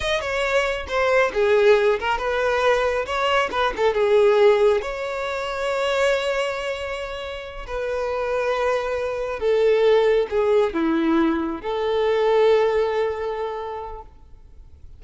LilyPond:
\new Staff \with { instrumentName = "violin" } { \time 4/4 \tempo 4 = 137 dis''8 cis''4. c''4 gis'4~ | gis'8 ais'8 b'2 cis''4 | b'8 a'8 gis'2 cis''4~ | cis''1~ |
cis''4. b'2~ b'8~ | b'4. a'2 gis'8~ | gis'8 e'2 a'4.~ | a'1 | }